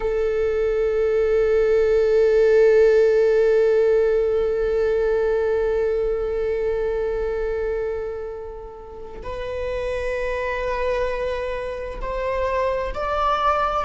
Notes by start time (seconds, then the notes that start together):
0.00 A4
9.23 B4
12.01 C5
12.94 D5